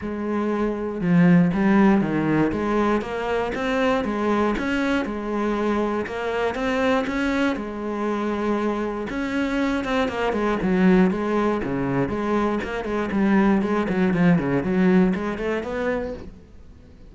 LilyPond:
\new Staff \with { instrumentName = "cello" } { \time 4/4 \tempo 4 = 119 gis2 f4 g4 | dis4 gis4 ais4 c'4 | gis4 cis'4 gis2 | ais4 c'4 cis'4 gis4~ |
gis2 cis'4. c'8 | ais8 gis8 fis4 gis4 cis4 | gis4 ais8 gis8 g4 gis8 fis8 | f8 cis8 fis4 gis8 a8 b4 | }